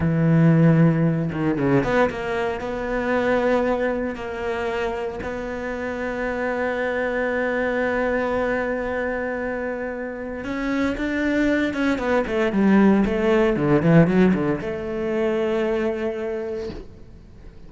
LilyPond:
\new Staff \with { instrumentName = "cello" } { \time 4/4 \tempo 4 = 115 e2~ e8 dis8 cis8 b8 | ais4 b2. | ais2 b2~ | b1~ |
b1 | cis'4 d'4. cis'8 b8 a8 | g4 a4 d8 e8 fis8 d8 | a1 | }